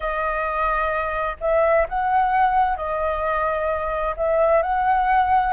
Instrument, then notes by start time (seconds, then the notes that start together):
flute
0.00 D#5
1.40 E5
1.88 F#5
2.77 D#5
4.17 E5
4.62 F#5